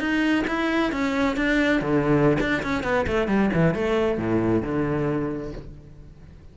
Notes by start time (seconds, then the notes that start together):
0.00 D#4
0.48 E4
0.92 C#4
1.37 D4
1.82 D3
2.40 D4
2.63 C#4
2.84 B3
3.07 A3
3.28 G3
3.54 E3
3.75 A3
4.18 A2
4.63 D3